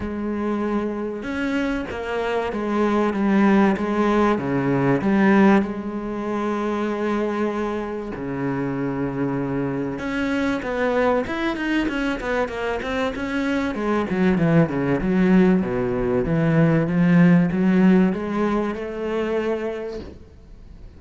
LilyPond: \new Staff \with { instrumentName = "cello" } { \time 4/4 \tempo 4 = 96 gis2 cis'4 ais4 | gis4 g4 gis4 cis4 | g4 gis2.~ | gis4 cis2. |
cis'4 b4 e'8 dis'8 cis'8 b8 | ais8 c'8 cis'4 gis8 fis8 e8 cis8 | fis4 b,4 e4 f4 | fis4 gis4 a2 | }